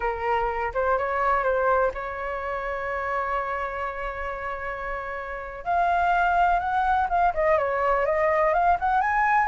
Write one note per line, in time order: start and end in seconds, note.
0.00 0.72 A#4
0.74 0.98 C5
0.98 1.43 C#5
1.43 1.91 C5
1.94 5.64 C#5
5.64 6.59 F5
6.59 7.07 F#5
7.09 7.33 F5
7.34 7.58 D#5
7.58 8.05 C#5
8.05 8.53 D#5
8.53 8.77 F5
8.79 9.01 F#5
9.01 9.47 G#5